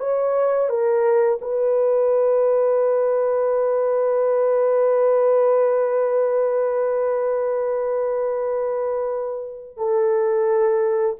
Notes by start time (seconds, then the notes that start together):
0.00 C#5
0.69 A#4
1.41 B4
9.77 A4